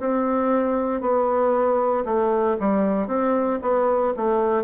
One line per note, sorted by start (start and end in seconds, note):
0.00 1.01 C4
1.01 2.05 B3
2.05 2.57 A3
2.60 3.08 G3
3.08 3.59 C4
3.62 4.14 B3
4.17 4.64 A3